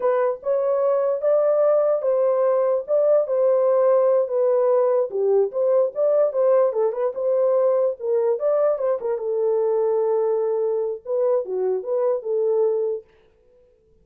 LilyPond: \new Staff \with { instrumentName = "horn" } { \time 4/4 \tempo 4 = 147 b'4 cis''2 d''4~ | d''4 c''2 d''4 | c''2~ c''8 b'4.~ | b'8 g'4 c''4 d''4 c''8~ |
c''8 a'8 b'8 c''2 ais'8~ | ais'8 d''4 c''8 ais'8 a'4.~ | a'2. b'4 | fis'4 b'4 a'2 | }